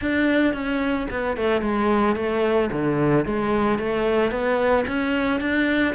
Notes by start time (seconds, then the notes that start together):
0.01 D4
0.53 C#4
1.10 B3
1.37 A3
1.61 G#3
2.15 A3
2.72 D3
3.25 G#3
3.78 A3
4.31 B3
4.87 C#4
5.40 D4